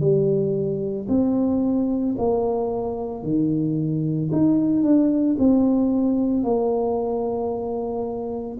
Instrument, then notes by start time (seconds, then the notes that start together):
tuba
0.00 G3
1.09 C4
2.18 A#3
3.23 D#3
4.32 D#4
4.83 D4
5.39 C4
6.44 A#3